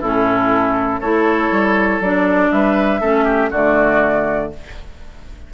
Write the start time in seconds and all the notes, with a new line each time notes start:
0.00 A2 C#4 E4 A4
1.00 A3 E4 A4 C#5
1.51 G3
2.00 F#3 D4 D5
2.51 G3 B4 E5
3.00 A3 C#4 A4
3.24 G4
3.50 D3 A3 F#4 D5